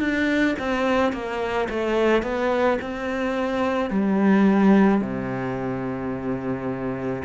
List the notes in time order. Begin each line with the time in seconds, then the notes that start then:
0.00 D4
0.59 C4
1.13 A#3
1.70 A3
2.23 B3
2.81 C4
3.90 G3
5.01 C3